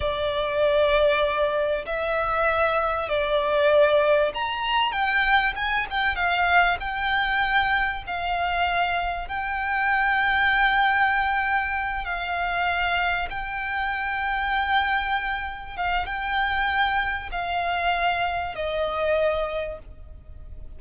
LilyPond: \new Staff \with { instrumentName = "violin" } { \time 4/4 \tempo 4 = 97 d''2. e''4~ | e''4 d''2 ais''4 | g''4 gis''8 g''8 f''4 g''4~ | g''4 f''2 g''4~ |
g''2.~ g''8 f''8~ | f''4. g''2~ g''8~ | g''4. f''8 g''2 | f''2 dis''2 | }